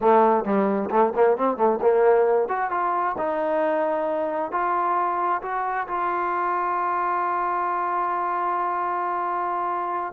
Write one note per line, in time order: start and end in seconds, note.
0.01 0.44 A3
0.44 0.89 G3
0.90 1.13 A3
1.15 1.37 A#3
1.37 1.56 C4
1.56 1.79 A3
1.81 2.48 A#3
2.48 2.70 F#4
2.70 3.15 F4
3.18 4.51 D#4
4.51 5.41 F4
5.42 5.87 F#4
5.87 10.13 F4